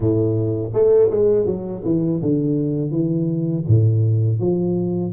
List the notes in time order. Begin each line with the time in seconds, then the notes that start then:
0.00 A2
0.73 A3
1.10 G#3
1.46 F#3
1.84 E3
2.22 D3
2.90 E3
3.68 A2
4.39 F3